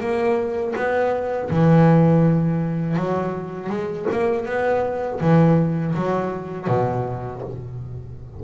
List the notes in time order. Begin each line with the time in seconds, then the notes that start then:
0.00 A#3
0.75 B3
1.50 E3
2.96 F#3
3.69 G#3
4.11 A#3
4.45 B3
5.20 E3
5.95 F#3
6.67 B2